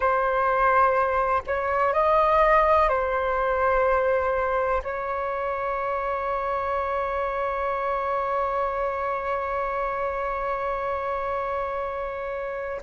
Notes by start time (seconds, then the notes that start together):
0.00 C5
1.46 C#5
1.93 D#5
2.88 C5
4.83 C#5